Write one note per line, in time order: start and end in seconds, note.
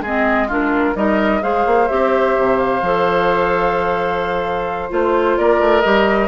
0.00 0.93 G#3
0.00 0.49 C4
0.00 0.47 G#4
0.00 0.49 D#5
0.47 0.95 D4
0.47 0.94 F4
0.47 0.96 A#4
0.95 1.42 G3
0.95 1.41 D#4
0.95 1.42 A#4
0.95 1.42 D#5
1.41 1.66 G#3
1.41 1.87 G#4
1.41 5.38 C5
1.41 1.88 F5
1.66 1.89 A#3
1.88 2.37 C4
1.88 2.81 G4
1.88 2.58 E5
2.37 2.81 C3
2.58 4.90 F5
2.81 4.91 F3
2.81 4.89 A4
4.89 5.38 A3
4.89 5.82 F4
4.89 5.37 C5
5.37 5.60 A#3
5.37 6.28 A#4
5.37 5.81 D5
5.60 5.83 A3
5.81 6.28 G3
5.81 6.28 G4
5.81 6.28 D#5